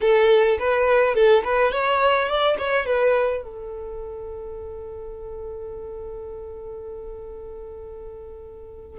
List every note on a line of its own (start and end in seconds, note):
0.01 0.58 A4
0.59 1.14 B4
1.14 1.43 A4
1.44 1.71 B4
1.71 2.28 C#5
2.28 2.57 D5
2.58 2.86 C#5
2.86 3.43 B4
3.43 8.99 A4